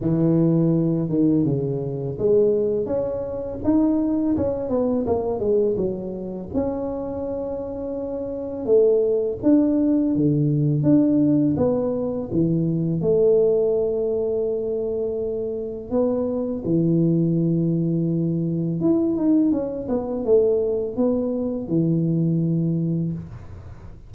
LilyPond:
\new Staff \with { instrumentName = "tuba" } { \time 4/4 \tempo 4 = 83 e4. dis8 cis4 gis4 | cis'4 dis'4 cis'8 b8 ais8 gis8 | fis4 cis'2. | a4 d'4 d4 d'4 |
b4 e4 a2~ | a2 b4 e4~ | e2 e'8 dis'8 cis'8 b8 | a4 b4 e2 | }